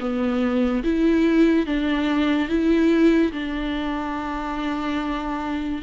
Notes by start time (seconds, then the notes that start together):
0.00 B3
0.84 E4
1.66 D4
2.49 E4
3.33 D4